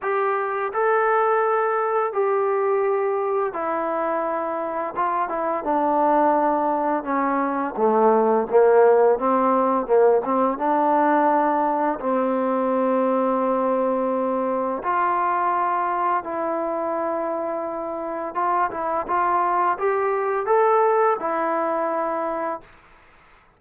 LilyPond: \new Staff \with { instrumentName = "trombone" } { \time 4/4 \tempo 4 = 85 g'4 a'2 g'4~ | g'4 e'2 f'8 e'8 | d'2 cis'4 a4 | ais4 c'4 ais8 c'8 d'4~ |
d'4 c'2.~ | c'4 f'2 e'4~ | e'2 f'8 e'8 f'4 | g'4 a'4 e'2 | }